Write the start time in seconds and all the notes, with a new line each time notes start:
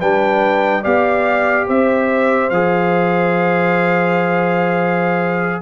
0.00 G3 D4 B4 G5
0.83 B3 G4 D5 F5
1.67 C4 C5 E5
2.50 F3 G#4 F5